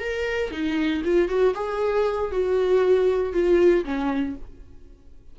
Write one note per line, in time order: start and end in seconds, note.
0.00 0.51 A#4
0.52 1.03 D#4
1.04 1.29 F4
1.29 1.55 F#4
1.55 2.32 G#4
2.32 3.33 F#4
3.33 3.85 F4
3.85 4.36 C#4